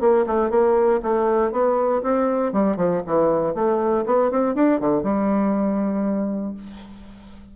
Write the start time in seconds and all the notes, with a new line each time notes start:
0.00 A#3
0.26 A3
0.50 A#3
1.02 A3
1.51 B3
2.02 C4
2.52 G3
2.76 F3
3.06 E3
3.54 A3
4.06 B3
4.31 C4
4.55 D4
4.80 D3
5.03 G3